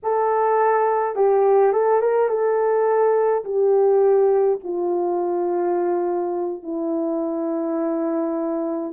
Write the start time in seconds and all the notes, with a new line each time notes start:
0.03 A4
1.15 G4
1.73 A4
2.00 A#4
2.28 A4
3.44 G4
4.63 F4
6.62 E4